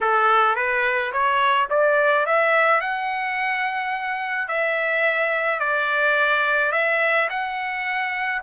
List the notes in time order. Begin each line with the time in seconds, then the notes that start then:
0.01 A4
0.55 B4
1.12 C#5
1.69 D5
2.26 E5
2.80 F#5
4.48 E5
5.59 D5
6.72 E5
7.29 F#5